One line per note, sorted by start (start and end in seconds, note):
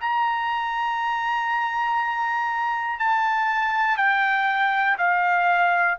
0.00 2.99 A#5
2.99 3.97 A5
3.97 4.97 G5
4.98 5.98 F5